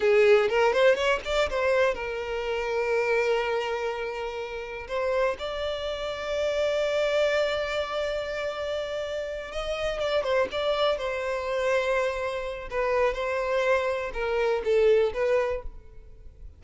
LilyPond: \new Staff \with { instrumentName = "violin" } { \time 4/4 \tempo 4 = 123 gis'4 ais'8 c''8 cis''8 d''8 c''4 | ais'1~ | ais'2 c''4 d''4~ | d''1~ |
d''2.~ d''8 dis''8~ | dis''8 d''8 c''8 d''4 c''4.~ | c''2 b'4 c''4~ | c''4 ais'4 a'4 b'4 | }